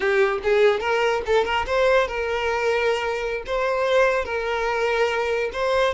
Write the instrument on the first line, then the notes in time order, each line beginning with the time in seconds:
violin
0.00 G4
0.43 G#4
0.80 A#4
1.26 A4
1.44 A#4
1.66 C5
2.07 A#4
3.46 C5
4.25 A#4
5.52 C5